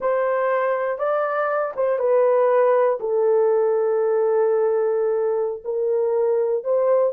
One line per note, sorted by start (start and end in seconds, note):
0.00 0.98 C5
0.98 1.73 D5
1.76 1.99 C5
1.99 2.99 B4
3.00 5.62 A4
5.64 6.64 A#4
6.64 7.12 C5